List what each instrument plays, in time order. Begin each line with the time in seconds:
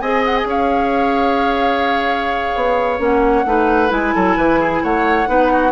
0.00 bassoon C4, clarinet G#4, oboe D#5, flute G#5
0.26 flute F#5
0.37 flute G#5
0.45 bassoon C#4, oboe C#5, flute F5
2.55 bassoon B3
2.99 bassoon A#3, clarinet C#4, flute F#5
3.45 bassoon A3, clarinet D#4, oboe B4
3.89 bassoon G#3, clarinet E4, flute G#5
4.15 bassoon F#3, oboe A4
4.37 bassoon E3, oboe B4
4.60 oboe G#4
4.83 bassoon A3, oboe C#5, flute F#5
5.27 bassoon B3, clarinet D#4, oboe B4
5.52 oboe F#4